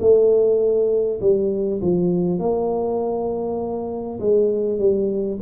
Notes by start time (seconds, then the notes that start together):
0.00 A3
1.21 G3
1.81 F3
2.39 A#3
4.19 G#3
4.78 G3